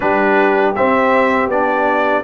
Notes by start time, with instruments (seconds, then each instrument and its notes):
0.00 tuba G3, trombone D4, horn G4, trumpet B4
0.75 trombone C4, tuba C4, trumpet E5
1.47 tuba B3, trombone D4, trumpet D5